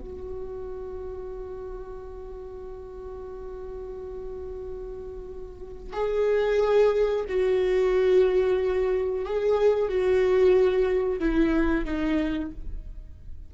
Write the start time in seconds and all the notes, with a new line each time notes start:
0.00 F#4
5.93 G#4
7.28 F#4
9.25 G#4
9.88 F#4
11.19 E4
11.85 D#4